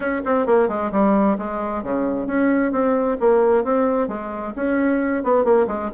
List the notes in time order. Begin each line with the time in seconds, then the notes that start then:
0.00 C#4
0.25 C4
0.46 A#3
0.68 G#3
0.91 G3
1.37 G#3
1.83 C#3
2.26 C#4
2.71 C4
3.20 A#3
3.64 C4
4.08 G#3
4.55 C#4
5.23 B3
5.44 A#3
5.67 G#3